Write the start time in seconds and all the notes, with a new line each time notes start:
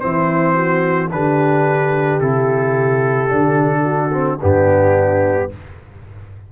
0.00 E3 C4 E4 C5
0.55 F#4
1.12 D3 D4 G4 B4
2.21 C3 E4 A4
3.29 D3 D4
3.83 F#4
4.12 C4
4.40 G2 B3 D4 G4